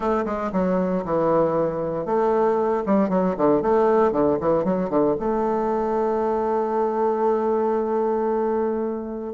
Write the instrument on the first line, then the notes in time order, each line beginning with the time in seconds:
bassoon
0.00 A3
0.25 G#3
0.52 F#3
1.05 E3
2.05 A3
2.86 G3
3.09 F#3
3.37 D3
3.62 A3
4.12 D3
4.40 E3
4.64 F#3
4.89 D3
5.19 A3